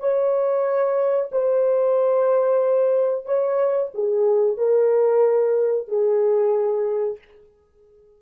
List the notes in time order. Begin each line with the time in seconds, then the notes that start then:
0.00 C#5
1.32 C5
3.25 C#5
3.94 G#4
4.58 A#4
5.88 G#4